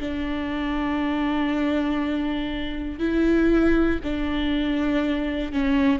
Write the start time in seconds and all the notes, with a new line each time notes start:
0.00 D4
3.00 E4
4.04 D4
5.52 C#4